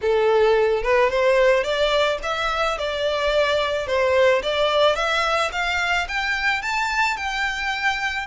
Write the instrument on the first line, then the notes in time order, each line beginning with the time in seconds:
violin
0.01 A4
0.83 B4
1.09 C5
1.63 D5
2.22 E5
2.77 D5
3.87 C5
4.42 D5
4.95 E5
5.52 F5
6.08 G5
6.62 A5
7.16 G5